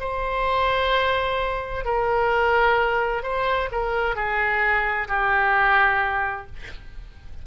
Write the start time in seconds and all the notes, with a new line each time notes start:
0.00 C5
1.85 A#4
3.23 C5
3.72 A#4
4.15 G#4
5.08 G4